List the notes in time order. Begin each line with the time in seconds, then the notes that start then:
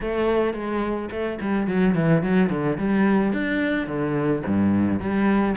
0.01 A3
0.53 G#3
1.11 A3
1.40 G3
1.67 F#3
1.94 E3
2.22 F#3
2.49 D3
2.78 G3
3.33 D4
3.86 D3
4.46 G2
4.99 G3